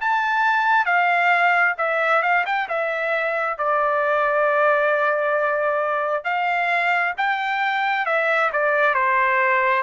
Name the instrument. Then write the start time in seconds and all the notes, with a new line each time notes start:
trumpet
0.00 A5
0.85 F5
1.77 E5
2.22 F5
2.45 G5
2.68 E5
3.57 D5
6.24 F5
7.17 G5
8.05 E5
8.52 D5
8.94 C5